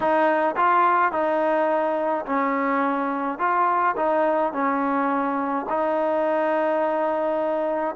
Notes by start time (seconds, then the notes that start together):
0.00 D#4
0.56 F4
1.12 D#4
2.25 C#4
3.38 F4
3.96 D#4
4.52 C#4
5.69 D#4